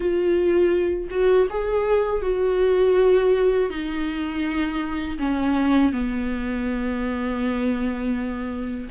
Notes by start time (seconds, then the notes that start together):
0.00 F4
1.10 F#4
1.49 G#4
2.22 F#4
3.69 D#4
5.18 C#4
5.92 B3